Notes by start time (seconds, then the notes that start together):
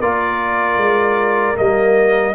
0.00 A#3 F4 A#4 D5
0.78 G#3
1.56 G3 A#3 D#5